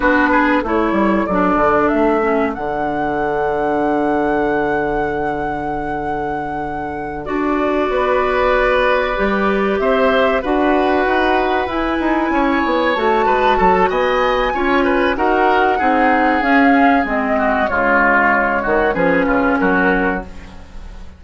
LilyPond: <<
  \new Staff \with { instrumentName = "flute" } { \time 4/4 \tempo 4 = 95 b'4 cis''4 d''4 e''4 | fis''1~ | fis''2.~ fis''8 d''8~ | d''2.~ d''8 e''8~ |
e''8 fis''2 gis''4.~ | gis''8 a''4. gis''2 | fis''2 f''4 dis''4 | cis''2 b'4 ais'4 | }
  \new Staff \with { instrumentName = "oboe" } { \time 4/4 fis'8 gis'8 a'2.~ | a'1~ | a'1~ | a'8 b'2. c''8~ |
c''8 b'2. cis''8~ | cis''4 b'8 a'8 dis''4 cis''8 b'8 | ais'4 gis'2~ gis'8 fis'8 | f'4. fis'8 gis'8 f'8 fis'4 | }
  \new Staff \with { instrumentName = "clarinet" } { \time 4/4 d'4 e'4 d'4. cis'8 | d'1~ | d'2.~ d'8 fis'8~ | fis'2~ fis'8 g'4.~ |
g'8 fis'2 e'4.~ | e'8 fis'2~ fis'8 f'4 | fis'4 dis'4 cis'4 c'4 | gis2 cis'2 | }
  \new Staff \with { instrumentName = "bassoon" } { \time 4/4 b4 a8 g8 fis8 d8 a4 | d1~ | d2.~ d8 d'8~ | d'8 b2 g4 c'8~ |
c'8 d'4 dis'4 e'8 dis'8 cis'8 | b8 a8 gis8 fis8 b4 cis'4 | dis'4 c'4 cis'4 gis4 | cis4. dis8 f8 cis8 fis4 | }
>>